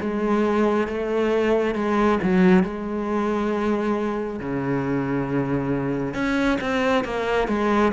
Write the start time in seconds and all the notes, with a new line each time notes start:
0.00 G#3
0.87 A3
1.74 G#3
2.23 F#3
2.63 G#3
4.40 C#3
6.14 C#4
6.60 C4
7.04 A#3
7.48 G#3